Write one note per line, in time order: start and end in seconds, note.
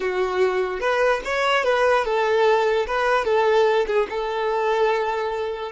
0.00 0.80 F#4
0.80 1.21 B4
1.24 1.63 C#5
1.63 2.04 B4
2.04 2.86 A4
2.86 3.24 B4
3.24 3.86 A4
3.86 4.07 G#4
4.09 5.72 A4